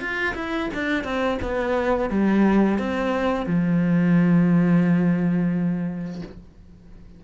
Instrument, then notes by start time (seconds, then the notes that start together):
cello
0.00 F4
0.35 E4
0.74 D4
1.04 C4
1.42 B3
2.10 G3
2.78 C4
3.46 F3